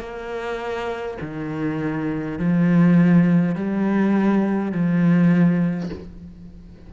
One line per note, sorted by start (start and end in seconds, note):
0.00 1.18 A#3
1.21 2.39 D#3
2.39 3.56 F3
3.56 4.72 G3
4.72 5.90 F3